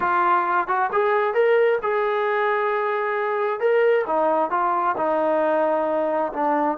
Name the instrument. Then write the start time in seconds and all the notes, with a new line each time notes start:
trombone
0.00 F4
0.67 F#4
0.92 G#4
1.33 A#4
1.82 G#4
3.60 A#4
4.06 D#4
4.50 F4
4.97 D#4
6.32 D4